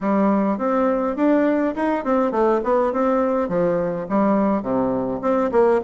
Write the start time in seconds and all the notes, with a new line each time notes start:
0.00 G3
0.58 C4
1.16 D4
1.75 D#4
2.04 C4
2.31 A3
2.63 B3
2.92 C4
3.48 F3
4.09 G3
4.62 C3
5.21 C4
5.51 A#3